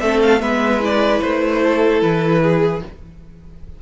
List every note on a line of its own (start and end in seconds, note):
0.00 0.41 A3
0.00 0.41 C4
0.00 0.42 A4
0.00 0.20 E5
0.22 0.41 F5
0.41 1.21 G#3
0.41 0.80 B3
0.41 1.62 B4
0.41 0.81 E5
0.80 2.80 E4
0.80 1.21 D5
1.21 2.02 A3
1.21 2.01 C5
1.62 2.42 A4
2.02 2.82 E3
2.02 2.82 B4
2.42 2.82 G#4